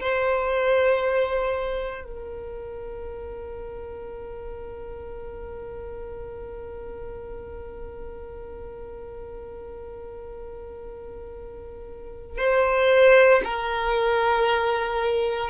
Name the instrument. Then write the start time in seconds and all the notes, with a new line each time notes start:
violin
0.00 C5
2.04 A#4
12.38 C5
13.44 A#4